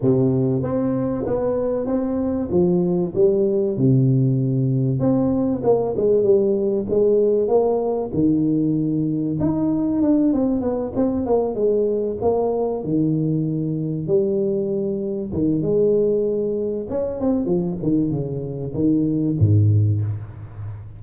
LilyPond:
\new Staff \with { instrumentName = "tuba" } { \time 4/4 \tempo 4 = 96 c4 c'4 b4 c'4 | f4 g4 c2 | c'4 ais8 gis8 g4 gis4 | ais4 dis2 dis'4 |
d'8 c'8 b8 c'8 ais8 gis4 ais8~ | ais8 dis2 g4.~ | g8 dis8 gis2 cis'8 c'8 | f8 dis8 cis4 dis4 gis,4 | }